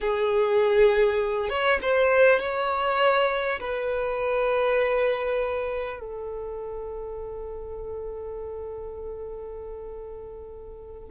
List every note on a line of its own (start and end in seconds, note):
0.00 1.49 G#4
1.49 1.79 C#5
1.82 2.39 C5
2.39 3.59 C#5
3.60 5.99 B4
5.99 11.09 A4